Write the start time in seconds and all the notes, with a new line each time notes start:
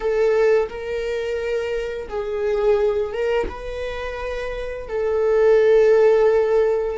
0.00 A4
0.68 A#4
2.08 G#4
3.12 A#4
3.49 B4
4.88 A4